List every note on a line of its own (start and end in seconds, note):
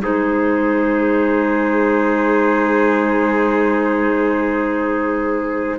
0.00 5.79 G#3
0.00 5.77 D#4
0.00 5.79 G#4
0.00 5.79 C5